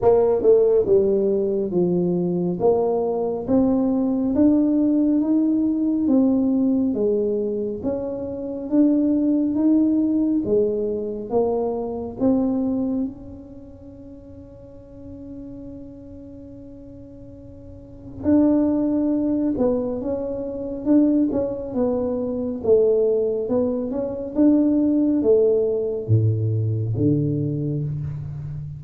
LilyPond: \new Staff \with { instrumentName = "tuba" } { \time 4/4 \tempo 4 = 69 ais8 a8 g4 f4 ais4 | c'4 d'4 dis'4 c'4 | gis4 cis'4 d'4 dis'4 | gis4 ais4 c'4 cis'4~ |
cis'1~ | cis'4 d'4. b8 cis'4 | d'8 cis'8 b4 a4 b8 cis'8 | d'4 a4 a,4 d4 | }